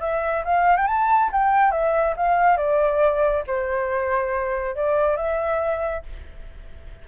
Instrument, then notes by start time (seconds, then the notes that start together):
flute
0.00 E5
0.44 F5
0.76 G5
0.87 A5
1.32 G5
1.71 E5
2.16 F5
2.57 D5
3.46 C5
4.75 D5
5.16 E5